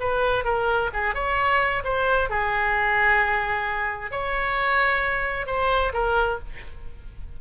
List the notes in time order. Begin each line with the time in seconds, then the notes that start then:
0.00 B4
0.45 A#4
0.93 G#4
1.14 C#5
1.84 C5
2.29 G#4
4.11 C#5
5.46 C5
5.93 A#4